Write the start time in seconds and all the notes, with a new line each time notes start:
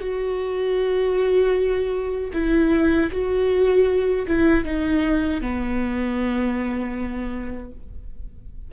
0.00 F#4
2.33 E4
3.11 F#4
4.27 E4
4.64 D#4
5.41 B3